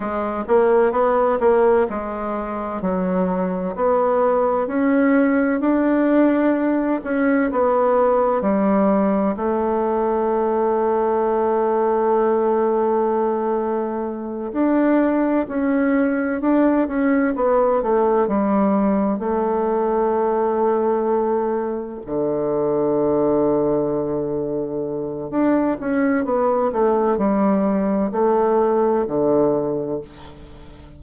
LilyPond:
\new Staff \with { instrumentName = "bassoon" } { \time 4/4 \tempo 4 = 64 gis8 ais8 b8 ais8 gis4 fis4 | b4 cis'4 d'4. cis'8 | b4 g4 a2~ | a2.~ a8 d'8~ |
d'8 cis'4 d'8 cis'8 b8 a8 g8~ | g8 a2. d8~ | d2. d'8 cis'8 | b8 a8 g4 a4 d4 | }